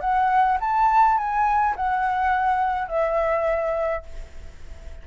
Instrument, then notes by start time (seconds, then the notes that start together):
flute
0.00 F#5
0.60 A5
1.17 G#5
1.75 F#5
2.87 E5